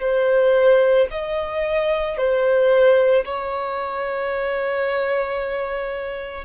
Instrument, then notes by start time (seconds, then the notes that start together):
violin
0.00 C5
1.11 D#5
2.17 C5
3.25 C#5